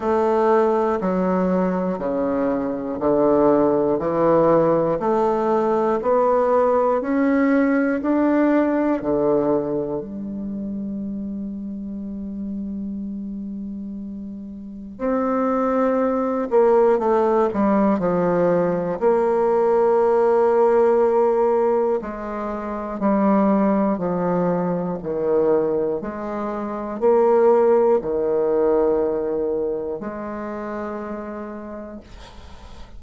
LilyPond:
\new Staff \with { instrumentName = "bassoon" } { \time 4/4 \tempo 4 = 60 a4 fis4 cis4 d4 | e4 a4 b4 cis'4 | d'4 d4 g2~ | g2. c'4~ |
c'8 ais8 a8 g8 f4 ais4~ | ais2 gis4 g4 | f4 dis4 gis4 ais4 | dis2 gis2 | }